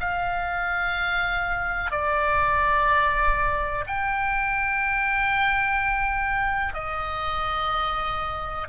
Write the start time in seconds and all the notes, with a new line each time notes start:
0.00 F5
1.91 D5
3.87 G5
6.74 D#5